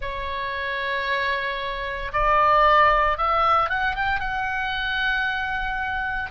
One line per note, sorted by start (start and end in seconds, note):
0.01 2.11 C#5
2.12 3.17 D5
3.17 3.69 E5
3.69 3.95 F#5
3.95 4.20 G5
4.20 6.30 F#5